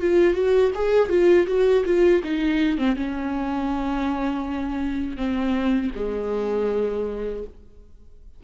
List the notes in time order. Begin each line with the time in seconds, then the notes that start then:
0.00 F4
0.34 F#4
0.74 G#4
1.09 F4
1.46 F#4
1.85 F4
2.23 D#4
2.77 C4
2.96 C#4
5.16 C4
5.95 G#3